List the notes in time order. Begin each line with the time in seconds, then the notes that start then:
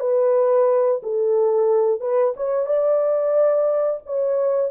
0.00 B4
1.02 A4
2.00 B4
2.36 C#5
2.66 D5
4.06 C#5